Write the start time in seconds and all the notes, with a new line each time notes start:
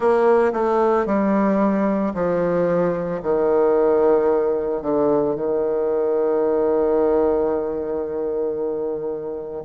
0.00 A#3
0.53 A3
1.06 G3
2.14 F3
3.22 D#3
4.82 D3
5.35 D#3